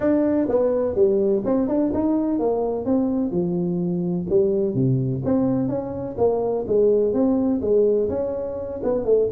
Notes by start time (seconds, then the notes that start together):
0.00 D4
0.48 B3
0.95 G3
1.44 C4
1.68 D4
1.93 D#4
2.39 A#3
2.85 C4
3.31 F3
4.29 G3
4.74 C3
5.24 C4
5.68 C#4
6.17 A#3
6.67 G#3
7.13 C4
7.61 G#3
8.09 C#4
8.83 B3
9.05 A3